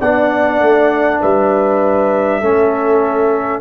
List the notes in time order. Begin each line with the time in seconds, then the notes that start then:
0.00 B3 D4 D5 F#5
0.60 A3
1.21 G3 B4 E5
2.41 A3 C#4 A4